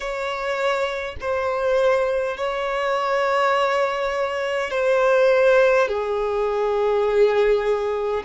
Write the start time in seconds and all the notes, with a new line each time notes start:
0.00 C#5
1.20 C5
2.37 C#5
4.70 C5
5.88 G#4